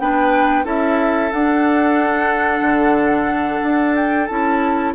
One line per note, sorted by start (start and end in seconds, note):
0.00 0.65 B3
0.00 0.64 D4
0.00 0.65 B4
0.00 0.66 G5
0.64 1.31 C#4
0.64 1.30 E4
0.64 4.93 A4
0.64 1.32 E5
1.32 2.61 D4
1.32 4.30 D4
1.32 3.96 F#5
2.61 3.60 D3
3.63 4.29 D4
3.96 4.27 G5
4.27 4.95 C#4
4.27 4.95 E4
4.27 4.93 A5